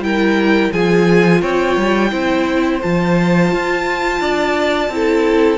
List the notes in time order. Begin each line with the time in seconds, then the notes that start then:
0.00 G3 E4 A#4 G5
0.72 F3 F4 G#4 G#5
1.41 C4 C#5 G5
1.77 G3
2.11 C4 E4 C5
2.82 F3 F4 A5
3.52 F4
4.20 D4 D5
4.89 C4 E4
4.95 A4